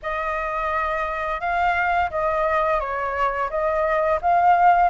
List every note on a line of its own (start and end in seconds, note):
0.02 1.40 D#5
1.40 2.10 F5
2.10 2.79 D#5
2.79 3.49 C#5
3.49 4.19 D#5
4.21 4.89 F5